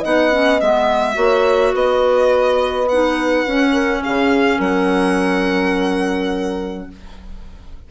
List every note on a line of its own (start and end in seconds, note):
0.00 0.61 B3
0.00 0.31 D#4
0.00 1.14 D#5
0.00 0.60 F#5
0.31 0.60 C#4
0.60 1.16 G#3
0.60 1.14 B3
0.60 1.75 E5
1.14 1.74 A#3
1.14 2.86 F#4
1.14 1.73 C#5
1.73 3.46 B3
1.73 3.72 B4
1.73 2.88 D#5
2.88 3.48 D#4
2.88 4.03 F#5
3.47 4.04 C#4
3.47 6.91 C#4
3.72 4.01 A#4
4.03 4.59 C#3
4.03 4.58 G#4
4.03 4.61 F5
4.58 6.88 F#3
4.58 6.87 A#4
4.58 6.89 F#5